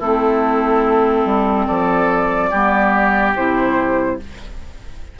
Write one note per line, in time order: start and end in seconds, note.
0.00 1.26 A3
0.00 2.52 C4
0.00 1.67 E4
0.00 1.67 A4
1.26 1.67 G3
1.67 2.52 F3
1.67 2.51 A4
1.67 3.34 D5
2.51 3.36 G3
2.51 3.36 B3
2.51 4.17 G4
3.36 4.19 C3
3.36 4.20 E4
3.36 4.20 C5